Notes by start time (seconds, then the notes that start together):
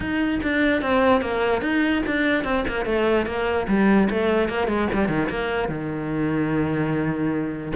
0.00 D#4
0.42 D4
0.81 C4
1.21 A#3
1.61 D#4
2.06 D4
2.44 C4
2.68 A#3
2.85 A3
3.26 A#3
3.68 G3
4.09 A3
4.48 A#3
4.67 G#3
4.93 G3
5.08 D#3
5.29 A#3
5.68 D#3